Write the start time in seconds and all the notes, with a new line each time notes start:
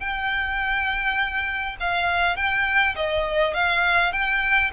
0.00 G5
1.80 F5
2.36 G5
2.96 D#5
3.54 F5
4.13 G5